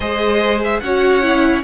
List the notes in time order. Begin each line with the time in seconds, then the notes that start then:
0.00 G#3 G#4 C5 D#5
0.64 E5
0.80 C#4 F#4 C#5 F#5
1.22 E4